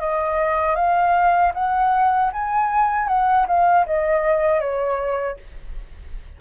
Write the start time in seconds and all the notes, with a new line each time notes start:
0.00 D#5
0.75 F5
1.54 F#5
2.33 G#5
3.08 F#5
3.47 F5
3.86 D#5
4.60 C#5